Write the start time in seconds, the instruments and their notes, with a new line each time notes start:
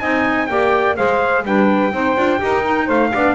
0.00 double bass C4, clarinet D#4, saxophone D#5, trumpet G#5
0.47 double bass A#3, clarinet G4, saxophone D5, trumpet G5
0.96 double bass G#3, clarinet G#4, saxophone C5, trumpet F5
1.45 double bass G3, clarinet D4, saxophone B4, trumpet G5
1.92 double bass C4, clarinet D#4, saxophone C5
2.17 double bass D4, clarinet F4
2.38 double bass D#4, clarinet G4, saxophone A#4
2.64 clarinet D#4
2.85 double bass A3, saxophone C5, trumpet F5
3.14 double bass B3, clarinet D4, saxophone D5